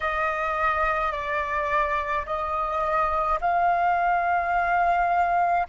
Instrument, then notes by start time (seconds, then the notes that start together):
flute
0.00 D#5
1.12 D5
2.26 D#5
3.41 F5